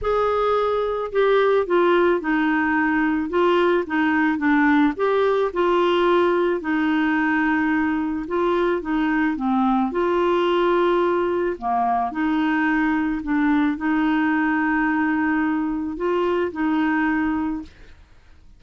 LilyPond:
\new Staff \with { instrumentName = "clarinet" } { \time 4/4 \tempo 4 = 109 gis'2 g'4 f'4 | dis'2 f'4 dis'4 | d'4 g'4 f'2 | dis'2. f'4 |
dis'4 c'4 f'2~ | f'4 ais4 dis'2 | d'4 dis'2.~ | dis'4 f'4 dis'2 | }